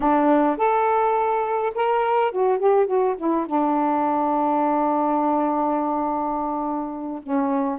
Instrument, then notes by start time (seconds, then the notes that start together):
saxophone
0.00 D4
0.57 A4
1.74 A#4
2.31 F#4
2.58 G4
2.86 F#4
3.17 E4
3.46 D4
7.23 C#4